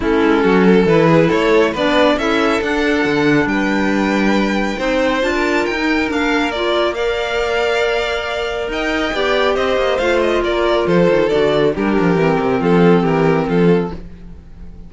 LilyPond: <<
  \new Staff \with { instrumentName = "violin" } { \time 4/4 \tempo 4 = 138 a'2 b'4 cis''4 | d''4 e''4 fis''2 | g''1 | a''4 g''4 f''4 d''4 |
f''1 | g''2 dis''4 f''8 dis''8 | d''4 c''4 d''4 ais'4~ | ais'4 a'4 ais'4 a'4 | }
  \new Staff \with { instrumentName = "violin" } { \time 4/4 e'4 fis'8 a'4 gis'8 a'4 | b'4 a'2. | b'2. c''4~ | c''16 ais'2.~ ais'8. |
d''1 | dis''4 d''4 c''2 | ais'4 a'2 g'4~ | g'4 f'4 g'4 f'4 | }
  \new Staff \with { instrumentName = "clarinet" } { \time 4/4 cis'2 e'2 | d'4 e'4 d'2~ | d'2. dis'4 | f'4~ f'16 dis'8. d'4 f'4 |
ais'1~ | ais'4 g'2 f'4~ | f'2 fis'4 d'4 | c'1 | }
  \new Staff \with { instrumentName = "cello" } { \time 4/4 a8 gis8 fis4 e4 a4 | b4 cis'4 d'4 d4 | g2. c'4 | d'4 dis'4 ais2~ |
ais1 | dis'4 b4 c'8 ais8 a4 | ais4 f8 dis8 d4 g8 f8 | e8 c8 f4 e4 f4 | }
>>